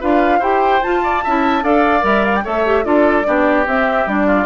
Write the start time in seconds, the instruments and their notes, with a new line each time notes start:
0.00 bassoon D4, clarinet F4, oboe B4, flute F5
0.39 bassoon E4, clarinet G4, oboe C5, flute G5
0.82 clarinet F4, bassoon F4, flute A5
1.04 oboe D5
1.24 bassoon C#4, clarinet E4, oboe E5
1.62 bassoon D4, clarinet A4, oboe D5, flute F5
2.00 bassoon G3, clarinet A#4, flute E5
2.25 flute F5
2.35 flute G5
2.43 bassoon A3, clarinet A4, oboe C#5, flute E5
2.65 clarinet G4
2.84 bassoon D4, clarinet F4, oboe A4, flute D5
3.25 bassoon B3, clarinet D4, oboe G4
3.66 bassoon C4, clarinet C4, flute E5
4.06 bassoon G3, clarinet D4, flute D5
4.26 oboe F4